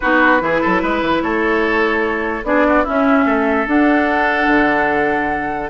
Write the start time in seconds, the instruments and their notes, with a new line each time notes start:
0.00 bassoon B3, clarinet D#4, oboe F#4, flute B4
0.39 bassoon E3, clarinet E4, oboe G#4
0.61 bassoon F#3, oboe A4
0.82 bassoon G#3, oboe B4
1.01 bassoon E3
1.22 bassoon A3, oboe A4, flute C#5
2.43 bassoon B3, clarinet D4, oboe G#4, flute D5
2.67 oboe F#4
2.83 clarinet C#4, bassoon C#4, oboe E4, flute E5
3.25 bassoon A3, oboe A4
3.66 bassoon D4, clarinet D4, flute F#5
4.47 bassoon D3